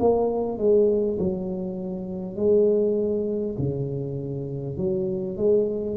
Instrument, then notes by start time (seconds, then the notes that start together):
tuba
0.00 A#3
0.58 G#3
1.19 F#3
2.37 G#3
3.59 C#3
4.77 F#3
5.37 G#3